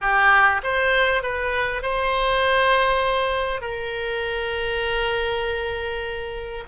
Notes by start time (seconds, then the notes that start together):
0.01 G4
0.63 C5
1.22 B4
1.82 C5
3.61 A#4